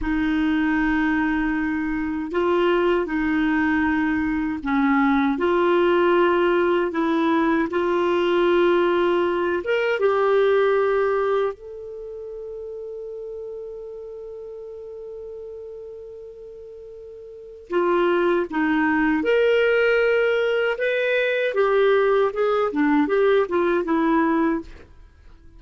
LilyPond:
\new Staff \with { instrumentName = "clarinet" } { \time 4/4 \tempo 4 = 78 dis'2. f'4 | dis'2 cis'4 f'4~ | f'4 e'4 f'2~ | f'8 ais'8 g'2 a'4~ |
a'1~ | a'2. f'4 | dis'4 ais'2 b'4 | g'4 gis'8 d'8 g'8 f'8 e'4 | }